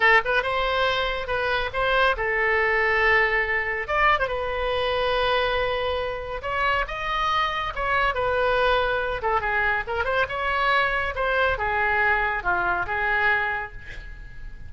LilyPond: \new Staff \with { instrumentName = "oboe" } { \time 4/4 \tempo 4 = 140 a'8 b'8 c''2 b'4 | c''4 a'2.~ | a'4 d''8. c''16 b'2~ | b'2. cis''4 |
dis''2 cis''4 b'4~ | b'4. a'8 gis'4 ais'8 c''8 | cis''2 c''4 gis'4~ | gis'4 f'4 gis'2 | }